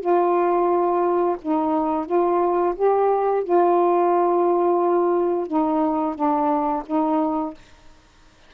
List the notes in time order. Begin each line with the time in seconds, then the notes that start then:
0.00 F4
1.42 D#4
2.06 F4
2.75 G4
3.43 F4
5.47 D#4
6.15 D4
6.86 D#4